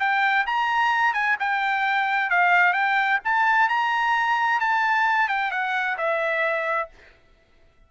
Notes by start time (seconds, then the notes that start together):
0.00 G5
0.47 A#5
1.14 G#5
1.40 G5
2.30 F5
2.74 G5
3.25 A5
3.69 A#5
4.60 A5
5.29 G5
5.51 F#5
5.98 E5